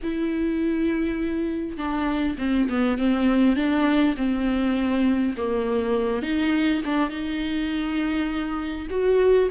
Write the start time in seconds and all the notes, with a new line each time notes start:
0.02 E4
1.77 D4
2.38 C4
2.69 B3
2.98 C4
3.56 D4
4.16 C4
5.37 A#3
6.22 D#4
6.85 D4
7.09 D#4
8.89 F#4